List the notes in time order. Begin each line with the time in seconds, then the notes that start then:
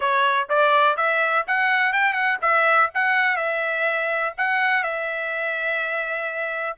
0.00 C#5
0.49 D5
0.97 E5
1.47 F#5
1.92 G5
2.13 F#5
2.41 E5
2.94 F#5
3.36 E5
4.37 F#5
4.83 E5